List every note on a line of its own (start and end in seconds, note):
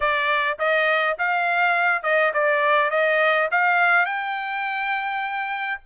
0.00 0.57 D5
0.58 1.17 D#5
1.18 2.02 F5
2.02 2.31 D#5
2.33 2.90 D5
2.90 3.48 D#5
3.51 4.05 F5
4.05 5.80 G5